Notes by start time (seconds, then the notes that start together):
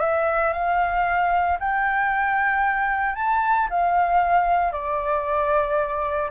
0.00 E5
0.53 F5
1.60 G5
3.15 A5
3.70 F5
4.72 D5